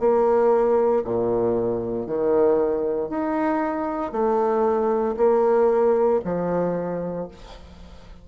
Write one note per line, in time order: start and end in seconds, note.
0.00 1.03 A#3
1.05 2.06 A#2
2.06 3.09 D#3
3.09 4.12 D#4
4.12 5.15 A3
5.17 6.21 A#3
6.25 7.28 F3